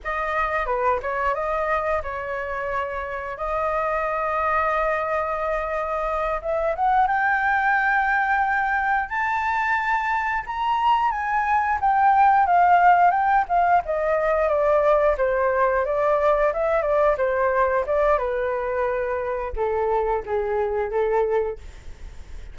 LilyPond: \new Staff \with { instrumentName = "flute" } { \time 4/4 \tempo 4 = 89 dis''4 b'8 cis''8 dis''4 cis''4~ | cis''4 dis''2.~ | dis''4. e''8 fis''8 g''4.~ | g''4. a''2 ais''8~ |
ais''8 gis''4 g''4 f''4 g''8 | f''8 dis''4 d''4 c''4 d''8~ | d''8 e''8 d''8 c''4 d''8 b'4~ | b'4 a'4 gis'4 a'4 | }